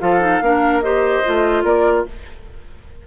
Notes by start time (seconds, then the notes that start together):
0.00 F3 F4 A4 F5
0.20 D#4
0.41 A#3 D4 A#4
0.81 G4 C5 D#5
1.25 A3 F4
1.64 A#3 A#4 D5